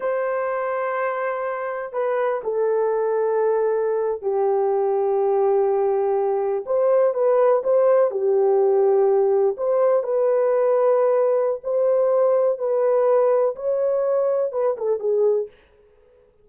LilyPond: \new Staff \with { instrumentName = "horn" } { \time 4/4 \tempo 4 = 124 c''1 | b'4 a'2.~ | a'8. g'2.~ g'16~ | g'4.~ g'16 c''4 b'4 c''16~ |
c''8. g'2. c''16~ | c''8. b'2.~ b'16 | c''2 b'2 | cis''2 b'8 a'8 gis'4 | }